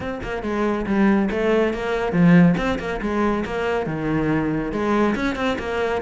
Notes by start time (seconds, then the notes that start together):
0.00 C4
0.23 A#3
0.42 G#3
0.86 G3
1.30 A3
1.73 A#3
2.12 F3
2.57 C4
2.79 A#3
3.01 G#3
3.45 A#3
3.86 D#3
4.72 G#3
5.15 C#4
5.35 C4
5.58 A#3